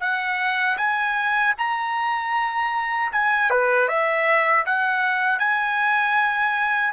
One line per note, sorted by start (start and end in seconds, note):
0.00 0.77 F#5
0.77 1.54 G#5
1.58 3.12 A#5
3.12 3.50 G#5
3.50 3.88 B4
3.88 4.65 E5
4.66 5.39 F#5
5.39 6.93 G#5